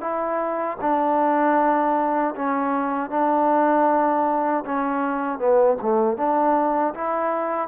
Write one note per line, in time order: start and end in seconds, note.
0.00 0.77 E4
0.80 2.34 D4
2.35 3.10 C#4
3.10 4.64 D4
4.65 5.38 C#4
5.38 5.77 B3
5.81 6.17 A3
6.17 6.94 D4
6.94 7.67 E4